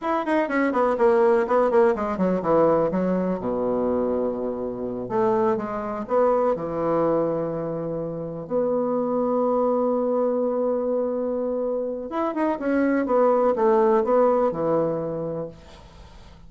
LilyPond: \new Staff \with { instrumentName = "bassoon" } { \time 4/4 \tempo 4 = 124 e'8 dis'8 cis'8 b8 ais4 b8 ais8 | gis8 fis8 e4 fis4 b,4~ | b,2~ b,8 a4 gis8~ | gis8 b4 e2~ e8~ |
e4. b2~ b8~ | b1~ | b4 e'8 dis'8 cis'4 b4 | a4 b4 e2 | }